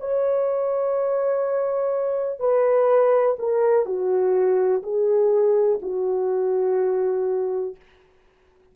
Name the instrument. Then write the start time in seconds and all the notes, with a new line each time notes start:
horn
0.00 C#5
2.39 B4
3.39 A#4
3.85 F#4
4.83 G#4
5.82 F#4